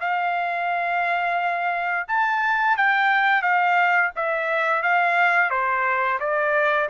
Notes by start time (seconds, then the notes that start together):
0.00 F5
2.08 A5
2.77 G5
3.42 F5
4.16 E5
4.83 F5
5.50 C5
6.20 D5